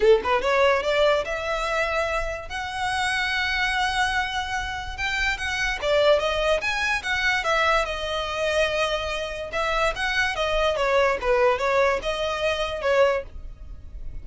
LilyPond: \new Staff \with { instrumentName = "violin" } { \time 4/4 \tempo 4 = 145 a'8 b'8 cis''4 d''4 e''4~ | e''2 fis''2~ | fis''1 | g''4 fis''4 d''4 dis''4 |
gis''4 fis''4 e''4 dis''4~ | dis''2. e''4 | fis''4 dis''4 cis''4 b'4 | cis''4 dis''2 cis''4 | }